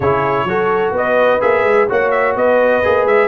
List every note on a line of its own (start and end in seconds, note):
0.00 0.44 C#3
0.00 0.48 E4
0.00 0.47 G#4
0.00 0.94 C#5
0.44 0.91 F#3
0.44 1.40 F#4
0.44 0.94 A4
0.91 1.38 B3
0.91 1.88 B4
0.91 1.41 D#5
1.40 1.63 A#3
1.40 1.87 G#4
1.40 1.88 E5
1.63 1.87 G#3
1.88 2.35 A#3
1.88 2.83 F#4
1.88 2.34 C#5
1.88 2.10 F#5
2.10 2.34 E5
2.34 2.82 B3
2.34 3.28 B4
2.34 3.06 D#5
2.83 3.05 A#3
2.83 3.28 G#4
3.05 3.28 G#3
3.05 3.28 E5